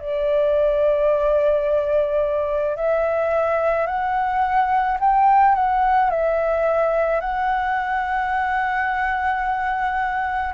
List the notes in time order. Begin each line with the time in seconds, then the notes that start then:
0.00 D5
2.76 E5
3.87 F#5
5.00 G5
5.55 F#5
6.10 E5
7.21 F#5